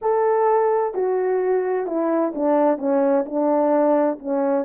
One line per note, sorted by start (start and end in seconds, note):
0.01 0.94 A4
0.94 1.86 F#4
1.86 2.33 E4
2.34 2.78 D4
2.78 3.24 C#4
3.25 4.18 D4
4.19 4.65 C#4